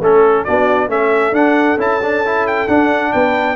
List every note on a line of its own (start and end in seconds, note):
0.00 0.44 A3
0.00 0.47 C#4
0.00 0.45 A4
0.00 0.44 A4
0.44 0.88 B3
0.44 0.88 D4
0.44 0.89 F#4
0.44 0.88 D5
0.88 1.32 A3
0.88 1.33 C#4
0.88 3.13 A4
0.88 1.34 E5
1.32 1.76 D4
1.32 1.77 D4
1.32 1.79 F#5
1.77 2.66 C#4
1.77 2.00 E4
1.77 2.47 A5
2.02 2.24 D4
2.25 2.68 E4
2.47 2.68 G5
2.67 3.12 D4
2.67 3.55 D4
2.67 3.12 F#5
3.12 3.55 B3
3.12 3.55 B4
3.12 3.55 G5